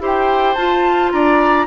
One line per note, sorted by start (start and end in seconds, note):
0.00 0.55 E4
0.00 0.56 G4
0.00 1.13 C5
0.07 0.55 G5
0.55 1.12 F4
0.55 1.67 F4
0.55 1.10 A5
1.12 1.67 D4
1.12 1.67 D5
1.12 1.67 A#5